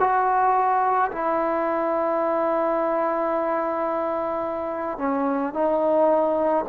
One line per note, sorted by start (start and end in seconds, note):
0.00 1.11 F#4
1.12 4.98 E4
4.98 5.54 C#4
5.54 6.65 D#4